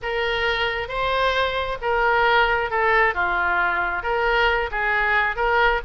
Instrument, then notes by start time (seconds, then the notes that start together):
oboe
0.02 A#4
0.88 C5
1.81 A#4
2.70 A4
3.14 F4
4.03 A#4
4.71 G#4
5.36 A#4